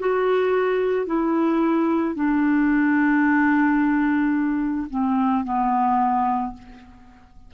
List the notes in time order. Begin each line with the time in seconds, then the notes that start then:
0.00 F#4
1.07 E4
2.15 D4
4.90 C4
5.44 B3